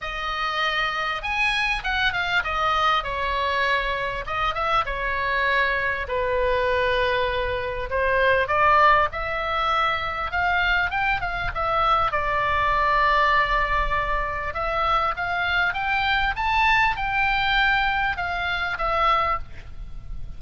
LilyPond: \new Staff \with { instrumentName = "oboe" } { \time 4/4 \tempo 4 = 99 dis''2 gis''4 fis''8 f''8 | dis''4 cis''2 dis''8 e''8 | cis''2 b'2~ | b'4 c''4 d''4 e''4~ |
e''4 f''4 g''8 f''8 e''4 | d''1 | e''4 f''4 g''4 a''4 | g''2 f''4 e''4 | }